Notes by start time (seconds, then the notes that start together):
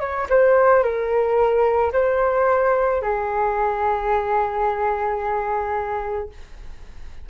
0.00 C#5
0.29 C5
0.83 A#4
1.92 C5
3.02 G#4